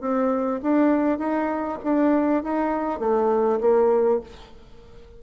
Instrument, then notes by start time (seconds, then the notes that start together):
bassoon
0.00 C4
0.62 D4
1.18 D#4
1.83 D4
2.43 D#4
2.99 A3
3.60 A#3